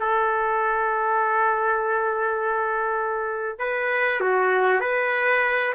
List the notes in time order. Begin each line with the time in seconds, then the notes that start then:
0.00 A4
3.59 B4
4.20 F#4
4.80 B4